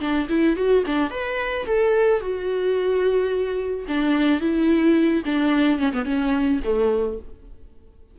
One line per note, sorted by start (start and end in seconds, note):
0.00 0.28 D4
0.29 0.56 E4
0.56 0.84 F#4
0.86 1.10 D4
1.10 1.65 B4
1.66 2.20 A4
2.20 3.85 F#4
3.88 4.40 D4
4.40 5.23 E4
5.25 5.78 D4
5.78 5.92 C#4
5.92 6.05 B3
6.05 6.60 C#4
6.64 7.19 A3